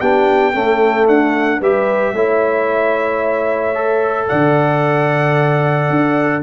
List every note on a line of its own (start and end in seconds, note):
0.00 0.55 B3
0.00 0.55 D4
0.00 0.54 G4
0.00 1.08 G5
0.54 1.62 A3
0.54 1.08 C#4
0.54 1.61 A4
1.08 1.61 D4
1.08 1.62 F#5
1.61 2.13 G3
1.61 2.16 G4
1.61 2.14 B4
1.61 4.29 E5
2.13 4.28 A3
2.13 3.75 E4
2.13 4.29 C#5
3.75 6.43 A4
4.29 5.90 D3
4.29 6.43 D5
4.29 6.43 F#5
5.90 6.44 D4